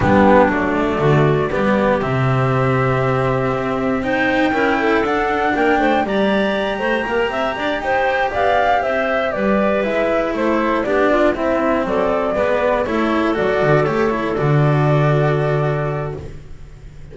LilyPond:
<<
  \new Staff \with { instrumentName = "flute" } { \time 4/4 \tempo 4 = 119 g'4 d''2. | e''1 | g''2 fis''4 g''4 | ais''2.~ ais''8 g''8~ |
g''8 f''4 e''4 d''4 e''8~ | e''8 c''4 d''4 e''4 d''8~ | d''4. cis''4 d''4 cis''8~ | cis''8 d''2.~ d''8 | }
  \new Staff \with { instrumentName = "clarinet" } { \time 4/4 d'2 fis'4 g'4~ | g'1 | c''4 ais'8 a'4. ais'8 c''8 | d''4. c''8 ais'8 e''8 d''8 c''8~ |
c''8 d''4 c''4 b'4.~ | b'8 a'4 g'8 f'8 e'4 a'8~ | a'8 b'4 a'2~ a'8~ | a'1 | }
  \new Staff \with { instrumentName = "cello" } { \time 4/4 b4 a2 b4 | c'1 | dis'4 e'4 d'2 | g'1~ |
g'2.~ g'8 e'8~ | e'4. d'4 c'4.~ | c'8 b4 e'4 fis'4 g'8 | e'8 fis'2.~ fis'8 | }
  \new Staff \with { instrumentName = "double bass" } { \time 4/4 g4 fis4 d4 g4 | c2. c'4~ | c'4 cis'4 d'4 ais8 a8 | g4. a8 ais8 c'8 d'8 dis'8~ |
dis'8 b4 c'4 g4 gis8~ | gis8 a4 b4 c'4 fis8~ | fis8 gis4 a4 fis8 d8 a8~ | a8 d2.~ d8 | }
>>